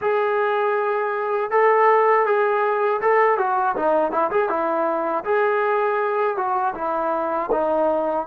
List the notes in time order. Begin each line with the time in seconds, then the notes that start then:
0.01 G#4
1.50 A4
2.25 G#4
3.01 A4
3.38 F#4
3.76 D#4
4.11 E4
4.31 G#4
4.49 E4
5.24 G#4
6.36 F#4
6.75 E4
7.51 D#4